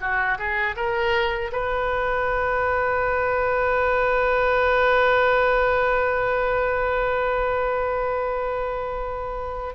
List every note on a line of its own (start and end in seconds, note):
0.00 0.38 F#4
0.38 0.75 G#4
0.76 1.51 A#4
1.52 9.75 B4